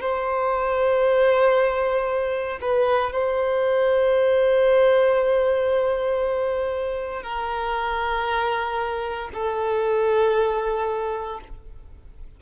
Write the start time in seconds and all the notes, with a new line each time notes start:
0.00 C5
2.61 B4
3.12 C5
7.22 A#4
9.33 A4